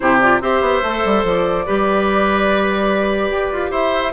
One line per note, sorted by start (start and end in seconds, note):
0.00 0.41 C3
0.00 0.21 E4
0.00 0.42 G4
0.00 0.20 C5
0.20 0.41 F4
0.20 0.41 D5
0.41 0.61 C4
0.41 0.83 G4
0.41 1.65 C5
0.41 1.25 E5
0.61 0.82 B3
0.82 1.03 A3
0.82 1.66 A4
1.05 1.23 G3
1.23 1.64 F3
1.23 3.72 D5
1.65 3.29 G3
1.65 4.12 G4
1.65 3.70 B4
3.29 3.50 G4
3.52 3.71 F4
3.70 4.12 E4
3.70 4.12 C5
3.70 4.12 E5